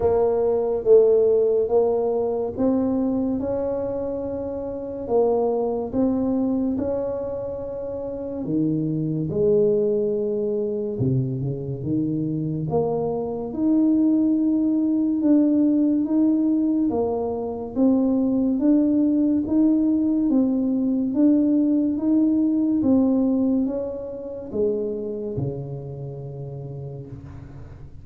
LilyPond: \new Staff \with { instrumentName = "tuba" } { \time 4/4 \tempo 4 = 71 ais4 a4 ais4 c'4 | cis'2 ais4 c'4 | cis'2 dis4 gis4~ | gis4 c8 cis8 dis4 ais4 |
dis'2 d'4 dis'4 | ais4 c'4 d'4 dis'4 | c'4 d'4 dis'4 c'4 | cis'4 gis4 cis2 | }